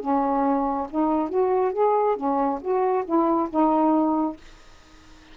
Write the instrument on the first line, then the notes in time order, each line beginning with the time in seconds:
saxophone
0.00 C#4
0.90 D#4
1.28 F#4
1.72 G#4
2.16 C#4
2.60 F#4
3.05 E4
3.49 D#4